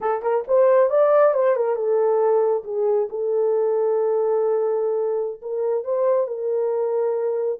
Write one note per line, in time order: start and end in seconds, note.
0.00 0.22 A4
0.22 0.44 A#4
0.47 0.89 C5
0.89 1.34 D5
1.34 1.56 C5
1.56 1.75 A#4
1.75 2.63 A4
2.64 3.08 G#4
3.09 5.41 A4
5.41 5.84 A#4
5.84 6.27 C5
6.27 7.59 A#4